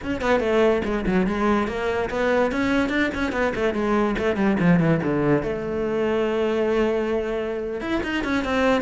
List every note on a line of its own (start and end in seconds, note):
0.03 0.21 C#4
0.21 0.40 B3
0.40 0.81 A3
0.84 1.05 G#3
1.06 1.26 F#3
1.26 1.67 G#3
1.67 2.09 A#3
2.09 2.51 B3
2.51 2.89 C#4
2.89 3.10 D4
3.14 3.32 C#4
3.32 3.53 B3
3.55 3.74 A3
3.74 4.15 G#3
4.18 4.36 A3
4.36 4.56 G3
4.59 4.79 F3
4.79 5.00 E3
5.03 5.42 D3
5.42 7.80 A3
7.80 8.01 E4
8.03 8.23 D#4
8.24 8.44 C#4
8.44 8.81 C4